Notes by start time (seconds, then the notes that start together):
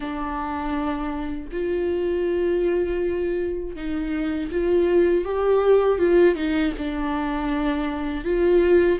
0.00 D4
1.51 F4
3.75 D#4
4.51 F4
5.24 G4
5.98 F4
6.35 D#4
6.78 D4
8.24 F4